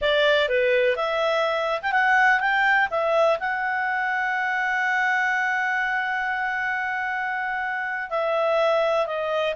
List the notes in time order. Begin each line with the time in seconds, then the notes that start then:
0.01 D5
0.49 B4
0.96 E5
1.82 G5
1.92 F#5
2.40 G5
2.90 E5
3.39 F#5
8.10 E5
9.06 D#5